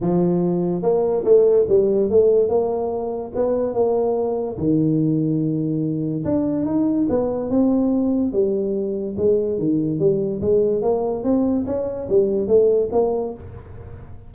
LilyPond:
\new Staff \with { instrumentName = "tuba" } { \time 4/4 \tempo 4 = 144 f2 ais4 a4 | g4 a4 ais2 | b4 ais2 dis4~ | dis2. d'4 |
dis'4 b4 c'2 | g2 gis4 dis4 | g4 gis4 ais4 c'4 | cis'4 g4 a4 ais4 | }